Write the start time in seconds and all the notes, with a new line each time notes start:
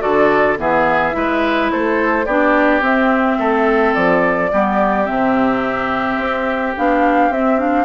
0.00 D3 F#4 A4 D5
0.58 E3 B3 G#4 E5
1.12 G#3 E4 B4
1.72 A3 A4 C5
2.26 B3 D4 G4 D5
2.81 C4 E5
3.38 A3 A4
3.94 F3 D5
4.52 G3 B3 G4
5.05 C3 C4 E5
6.18 C4
6.76 B3 D4 F5
7.30 C4 E5
7.58 D4 F5